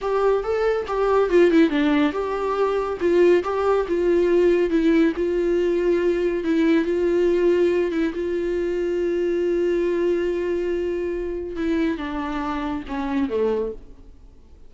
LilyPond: \new Staff \with { instrumentName = "viola" } { \time 4/4 \tempo 4 = 140 g'4 a'4 g'4 f'8 e'8 | d'4 g'2 f'4 | g'4 f'2 e'4 | f'2. e'4 |
f'2~ f'8 e'8 f'4~ | f'1~ | f'2. e'4 | d'2 cis'4 a4 | }